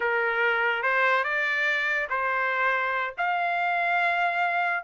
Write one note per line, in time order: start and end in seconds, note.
0.00 0.82 A#4
0.82 1.24 C5
1.24 2.08 D5
2.09 3.14 C5
3.17 4.83 F5